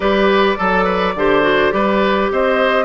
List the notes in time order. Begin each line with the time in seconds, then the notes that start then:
0.00 G3 G4 B4 D5
0.56 F#3 A4
0.84 B4
1.15 D3 G4 C5
1.42 F#4
1.71 G3 G4 B4
2.31 C4 C5 D#5